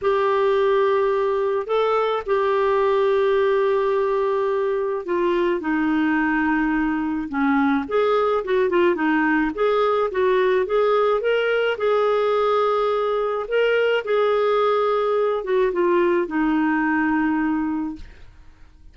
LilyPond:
\new Staff \with { instrumentName = "clarinet" } { \time 4/4 \tempo 4 = 107 g'2. a'4 | g'1~ | g'4 f'4 dis'2~ | dis'4 cis'4 gis'4 fis'8 f'8 |
dis'4 gis'4 fis'4 gis'4 | ais'4 gis'2. | ais'4 gis'2~ gis'8 fis'8 | f'4 dis'2. | }